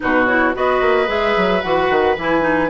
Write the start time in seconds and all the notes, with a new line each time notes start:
0.00 B2 D#4 F#4 B4
0.26 E4 C#5
0.54 B3 F#4 B4 D#5
0.81 A#3
1.06 G#3 G#4 E5
1.36 F#3
1.61 E3 F#4 F#5
1.90 D#3
2.17 E3 E4 G#5
2.40 D#4